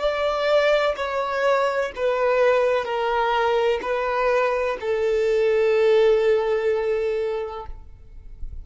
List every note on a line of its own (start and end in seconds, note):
0.00 0.95 D5
0.97 1.92 C#5
1.96 2.85 B4
2.85 3.80 A#4
3.82 4.77 B4
4.81 7.66 A4